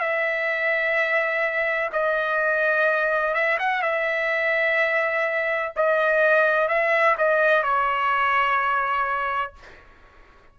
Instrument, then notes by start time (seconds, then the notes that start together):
trumpet
0.00 E5
1.93 D#5
3.35 E5
3.59 F#5
3.83 E5
5.77 D#5
6.69 E5
7.18 D#5
7.63 C#5